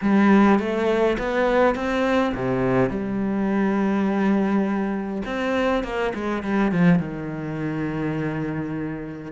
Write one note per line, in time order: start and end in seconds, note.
0.01 0.59 G3
0.59 1.17 A3
1.18 1.75 B3
1.75 2.33 C4
2.34 2.89 C3
2.89 5.22 G3
5.25 5.83 C4
5.83 6.12 A#3
6.14 6.43 G#3
6.43 6.71 G3
6.71 6.99 F3
6.99 9.32 D#3